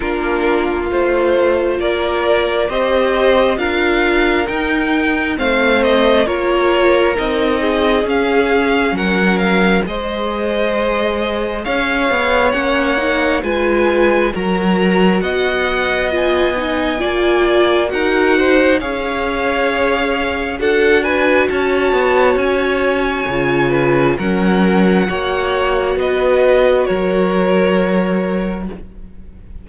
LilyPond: <<
  \new Staff \with { instrumentName = "violin" } { \time 4/4 \tempo 4 = 67 ais'4 c''4 d''4 dis''4 | f''4 g''4 f''8 dis''8 cis''4 | dis''4 f''4 fis''8 f''8 dis''4~ | dis''4 f''4 fis''4 gis''4 |
ais''4 fis''4 gis''2 | fis''4 f''2 fis''8 gis''8 | a''4 gis''2 fis''4~ | fis''4 dis''4 cis''2 | }
  \new Staff \with { instrumentName = "violin" } { \time 4/4 f'2 ais'4 c''4 | ais'2 c''4 ais'4~ | ais'8 gis'4. ais'4 c''4~ | c''4 cis''2 b'4 |
ais'4 dis''2 d''4 | ais'8 c''8 cis''2 a'8 b'8 | cis''2~ cis''8 b'8 ais'4 | cis''4 b'4 ais'2 | }
  \new Staff \with { instrumentName = "viola" } { \time 4/4 d'4 f'2 g'4 | f'4 dis'4 c'4 f'4 | dis'4 cis'2 gis'4~ | gis'2 cis'8 dis'8 f'4 |
fis'2 f'8 dis'8 f'4 | fis'4 gis'2 fis'4~ | fis'2 f'4 cis'4 | fis'1 | }
  \new Staff \with { instrumentName = "cello" } { \time 4/4 ais4 a4 ais4 c'4 | d'4 dis'4 a4 ais4 | c'4 cis'4 fis4 gis4~ | gis4 cis'8 b8 ais4 gis4 |
fis4 b2 ais4 | dis'4 cis'2 d'4 | cis'8 b8 cis'4 cis4 fis4 | ais4 b4 fis2 | }
>>